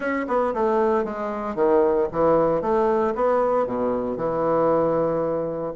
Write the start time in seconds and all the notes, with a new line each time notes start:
0.00 C#4
0.27 B3
0.54 A3
1.04 G#3
1.55 D#3
2.12 E3
2.61 A3
3.15 B3
3.66 B2
4.16 E3